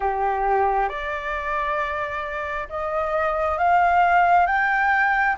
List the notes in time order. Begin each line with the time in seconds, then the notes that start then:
0.00 G4
0.88 D5
2.69 D#5
3.57 F5
4.46 G5